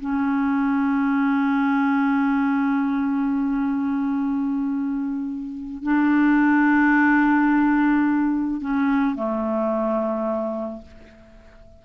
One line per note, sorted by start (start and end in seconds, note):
0.00 5.83 C#4
5.83 8.61 D4
8.61 9.15 C#4
9.15 10.82 A3